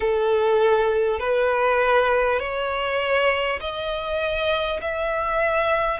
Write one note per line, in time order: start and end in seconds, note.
0.00 1.19 A4
1.19 2.39 B4
2.39 3.59 C#5
3.60 4.80 D#5
4.81 5.99 E5